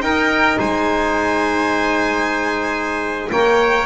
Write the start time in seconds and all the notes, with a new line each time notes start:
0.00 D#4 A#4 G5
0.59 G#3 C5 G#5
3.31 A#3 A#4 C#5 G5